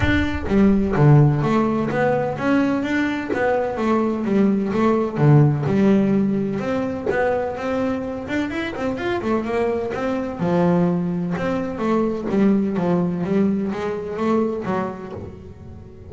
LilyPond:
\new Staff \with { instrumentName = "double bass" } { \time 4/4 \tempo 4 = 127 d'4 g4 d4 a4 | b4 cis'4 d'4 b4 | a4 g4 a4 d4 | g2 c'4 b4 |
c'4. d'8 e'8 c'8 f'8 a8 | ais4 c'4 f2 | c'4 a4 g4 f4 | g4 gis4 a4 fis4 | }